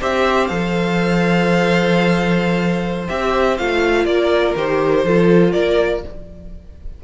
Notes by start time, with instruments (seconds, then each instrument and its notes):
0.00 cello C4, viola G4, violin C5 E5
0.47 cello F3, viola A4, violin F5
3.09 cello C4, viola G4, violin E5
3.57 cello A3, viola F4, violin F5
4.05 cello A#3, violin A#4 D5
4.56 cello D#3, viola G4, violin C5
5.04 cello F3, viola F4, violin A4
5.52 cello A#3, violin A#4 D5